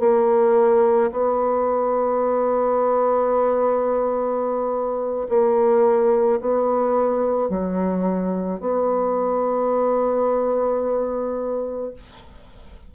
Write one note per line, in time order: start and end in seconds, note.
0.00 1.11 A#3
1.12 5.28 B3
5.29 6.40 A#3
6.41 7.50 B3
7.50 8.61 F#3
8.61 11.94 B3